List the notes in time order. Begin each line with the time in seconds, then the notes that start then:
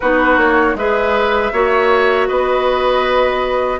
0.00 B3 D#4 F#4 B4
0.37 A#3 C#5
0.74 G#3 G#4 B4 E5
1.52 A#3 F#4 C#5
2.28 B3 B4 D#5